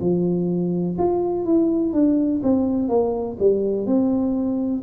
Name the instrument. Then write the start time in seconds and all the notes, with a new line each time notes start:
tuba
0.00 F3
0.98 F4
1.45 E4
1.93 D4
2.43 C4
2.88 A#3
3.39 G3
3.86 C4